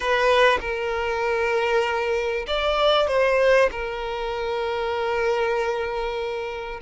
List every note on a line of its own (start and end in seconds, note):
0.00 0.58 B4
0.60 2.45 A#4
2.47 3.07 D5
3.07 3.69 C5
3.71 6.80 A#4